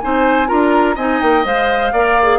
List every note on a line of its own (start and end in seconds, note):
0.00 0.51 C4
0.00 0.47 D#4
0.00 0.48 C5
0.00 0.48 G#5
0.47 0.97 D4
0.47 0.95 F4
0.47 0.96 A#4
0.47 0.97 A#5
0.96 1.21 C4
0.96 1.44 D#4
0.96 1.93 D#5
0.96 1.22 G#5
1.22 1.45 A#3
1.22 1.46 G5
1.44 1.93 G#3
1.44 1.93 C5
1.44 2.40 F5
1.93 2.40 A#3
1.93 2.21 A#4
1.93 2.40 D5
2.23 2.40 G#4